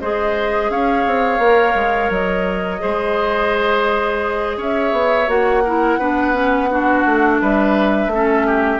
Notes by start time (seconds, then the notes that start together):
0.00 G#3 G#4 C5 D#5
0.70 C#4 C#5 F5
1.06 C4
1.38 A#3 A#4
1.74 G#3
2.09 F#3 D#5
2.79 G#3 G#4 C5
4.57 C#4 C#5 E5
4.92 B3
5.27 A#3 F#4 F#5
5.64 E4 A#4
5.98 B3 D4 B4
6.33 C#4
6.70 D4 F#4
7.05 A3
7.41 G3 B4 E5
8.06 A3
8.13 C#4 A4
8.46 G4